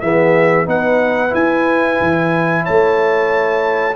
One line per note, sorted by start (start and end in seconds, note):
0.00 0.66 E3
0.00 0.65 B3
0.00 0.66 G#4
0.00 0.66 E5
0.65 1.32 B3
0.65 1.29 D#4
0.65 2.63 B4
0.65 1.34 F#5
1.29 3.93 E4
1.29 2.00 E4
1.29 2.65 G#5
2.00 2.66 E3
2.63 3.95 A3
2.63 3.95 C#5
2.63 3.95 A5